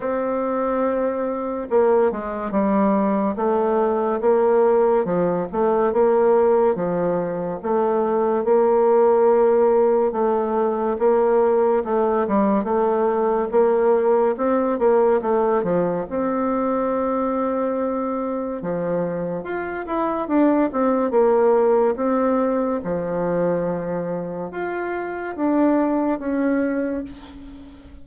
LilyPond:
\new Staff \with { instrumentName = "bassoon" } { \time 4/4 \tempo 4 = 71 c'2 ais8 gis8 g4 | a4 ais4 f8 a8 ais4 | f4 a4 ais2 | a4 ais4 a8 g8 a4 |
ais4 c'8 ais8 a8 f8 c'4~ | c'2 f4 f'8 e'8 | d'8 c'8 ais4 c'4 f4~ | f4 f'4 d'4 cis'4 | }